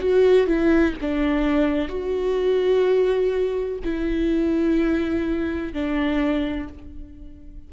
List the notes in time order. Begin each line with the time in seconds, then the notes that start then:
0.00 F#4
0.47 E4
1.01 D4
1.89 F#4
3.84 E4
5.74 D4